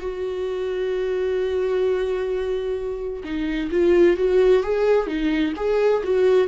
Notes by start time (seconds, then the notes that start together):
0.00 F#4
3.24 D#4
3.71 F4
4.17 F#4
4.63 G#4
5.07 D#4
5.56 G#4
6.03 F#4